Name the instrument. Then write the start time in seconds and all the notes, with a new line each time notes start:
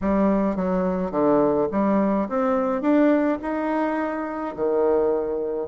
bassoon
0.01 G3
0.55 F#3
1.11 D3
1.71 G3
2.28 C4
2.81 D4
3.42 D#4
4.56 D#3